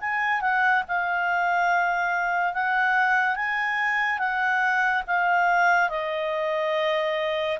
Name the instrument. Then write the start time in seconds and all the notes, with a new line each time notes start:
clarinet
0.00 G#5
0.41 F#5
0.88 F5
2.53 F#5
3.35 G#5
4.18 F#5
5.07 F5
5.89 D#5